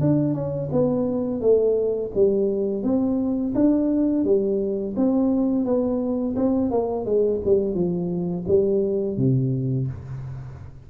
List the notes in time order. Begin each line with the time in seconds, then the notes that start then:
0.00 D4
0.34 C#4
0.72 B3
1.40 A3
2.14 G3
2.83 C4
3.55 D4
4.24 G3
4.96 C4
5.64 B3
6.36 C4
6.70 A#3
7.05 G#3
7.45 G3
7.74 F3
8.47 G3
9.17 C3